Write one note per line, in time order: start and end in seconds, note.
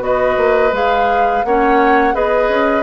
0.00 0.36 B3
0.00 0.71 F#4
0.00 1.46 B4
0.00 0.75 D#5
0.38 0.73 A#3
0.73 1.43 G#3
0.73 1.44 G#4
0.73 1.45 F5
1.45 2.15 A#3
1.45 2.14 C#4
1.45 2.15 C#5
1.45 2.15 F#5
2.14 2.49 B3
2.14 2.84 G#4
2.14 2.84 B4
2.14 2.84 D#5
2.49 2.84 C#4